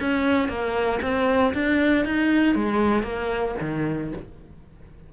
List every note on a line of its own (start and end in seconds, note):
0.00 0.48 C#4
0.48 1.00 A#3
1.01 1.53 C4
1.54 2.05 D4
2.05 2.55 D#4
2.55 3.03 G#3
3.03 3.55 A#3
3.60 4.12 D#3